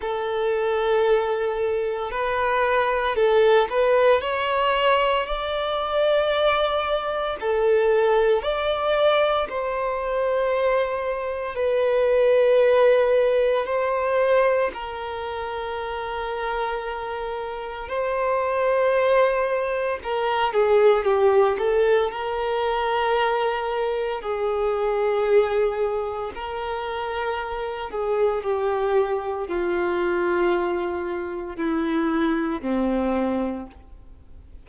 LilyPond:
\new Staff \with { instrumentName = "violin" } { \time 4/4 \tempo 4 = 57 a'2 b'4 a'8 b'8 | cis''4 d''2 a'4 | d''4 c''2 b'4~ | b'4 c''4 ais'2~ |
ais'4 c''2 ais'8 gis'8 | g'8 a'8 ais'2 gis'4~ | gis'4 ais'4. gis'8 g'4 | f'2 e'4 c'4 | }